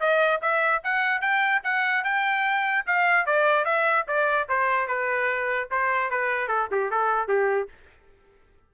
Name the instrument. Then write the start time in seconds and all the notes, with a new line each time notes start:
trumpet
0.00 D#5
0.42 E5
0.84 F#5
1.21 G5
1.64 F#5
2.04 G5
2.86 F5
3.26 D5
3.65 E5
4.08 D5
4.49 C5
4.88 B4
5.71 C5
6.11 B4
6.48 A4
6.71 G4
6.91 A4
7.28 G4